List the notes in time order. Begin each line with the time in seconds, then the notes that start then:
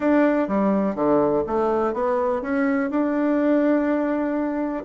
0.00 D4
0.48 G3
0.95 D3
1.46 A3
1.93 B3
2.42 C#4
2.90 D4